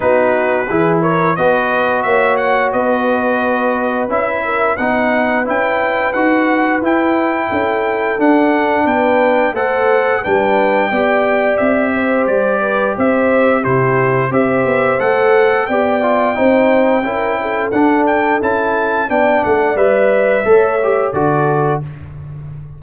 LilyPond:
<<
  \new Staff \with { instrumentName = "trumpet" } { \time 4/4 \tempo 4 = 88 b'4. cis''8 dis''4 e''8 fis''8 | dis''2 e''4 fis''4 | g''4 fis''4 g''2 | fis''4 g''4 fis''4 g''4~ |
g''4 e''4 d''4 e''4 | c''4 e''4 fis''4 g''4~ | g''2 fis''8 g''8 a''4 | g''8 fis''8 e''2 d''4 | }
  \new Staff \with { instrumentName = "horn" } { \time 4/4 fis'4 gis'8 ais'8 b'4 cis''4 | b'2~ b'8 ais'8 b'4~ | b'2. a'4~ | a'4 b'4 c''4 b'4 |
d''4. c''4 b'8 c''4 | g'4 c''2 d''4 | c''4 ais'8 a'2~ a'8 | d''2 cis''4 a'4 | }
  \new Staff \with { instrumentName = "trombone" } { \time 4/4 dis'4 e'4 fis'2~ | fis'2 e'4 dis'4 | e'4 fis'4 e'2 | d'2 a'4 d'4 |
g'1 | e'4 g'4 a'4 g'8 f'8 | dis'4 e'4 d'4 e'4 | d'4 b'4 a'8 g'8 fis'4 | }
  \new Staff \with { instrumentName = "tuba" } { \time 4/4 b4 e4 b4 ais4 | b2 cis'4 b4 | cis'4 dis'4 e'4 cis'4 | d'4 b4 a4 g4 |
b4 c'4 g4 c'4 | c4 c'8 b8 a4 b4 | c'4 cis'4 d'4 cis'4 | b8 a8 g4 a4 d4 | }
>>